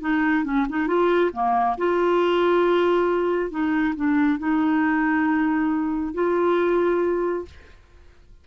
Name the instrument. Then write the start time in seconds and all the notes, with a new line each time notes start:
clarinet
0.00 D#4
0.44 C#4
0.69 D#4
0.87 F4
1.32 A#3
1.77 F4
3.50 D#4
3.95 D4
4.38 D#4
6.14 F4